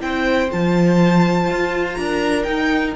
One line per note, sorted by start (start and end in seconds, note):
0.00 0.50 C4
0.00 0.49 E4
0.00 1.99 C5
0.00 0.50 G5
0.50 1.50 F3
0.50 2.45 F4
0.50 1.94 A5
1.50 1.98 F4
1.94 2.47 D4
1.94 2.42 A#5
2.00 2.95 A#4
2.43 2.94 D#4
2.43 2.95 D#4
2.43 2.91 G5